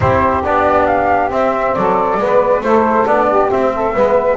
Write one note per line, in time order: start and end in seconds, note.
0.00 0.44 C4
0.00 0.43 E4
0.00 1.76 G4
0.00 0.43 C5
0.43 1.31 B3
0.43 1.29 D4
0.43 0.86 D5
0.86 1.30 F5
1.29 2.17 C4
1.29 1.75 C4
1.29 1.74 E5
1.74 2.17 F#3
1.74 2.21 A4
1.74 2.62 D5
2.17 2.60 G#3
2.17 2.64 B3
2.17 2.64 B4
2.60 3.04 A3
2.60 3.06 E4
2.60 3.28 A4
2.60 3.06 C5
3.06 3.49 B3
3.06 3.49 D4
3.06 3.50 D5
3.28 3.72 G4
3.49 3.93 C4
3.49 3.94 C4
3.49 4.37 E5
3.74 3.94 A4
3.94 4.37 G#3
3.94 4.37 B3
3.94 4.37 B4